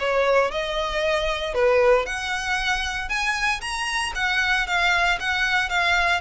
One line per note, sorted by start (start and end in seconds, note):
0.00 0.51 C#5
0.51 1.54 D#5
1.54 2.06 B4
2.06 3.09 F#5
3.09 3.61 G#5
3.61 4.13 A#5
4.15 4.67 F#5
4.67 5.19 F5
5.20 5.70 F#5
5.70 6.21 F5